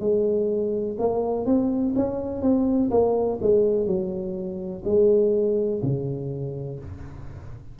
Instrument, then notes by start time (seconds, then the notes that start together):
tuba
0.00 G#3
0.99 A#3
1.46 C4
1.96 C#4
2.42 C4
2.91 A#3
3.41 G#3
3.86 F#3
4.85 G#3
5.83 C#3